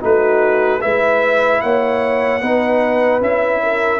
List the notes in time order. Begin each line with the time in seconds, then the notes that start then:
0.00 A3 D#4 F#4 B4
0.81 G#3 E4 B4 E5
1.61 A#3 C#5 F#5
2.41 B3 D#4 B4
3.21 C#4 E4 E5
3.63 A#4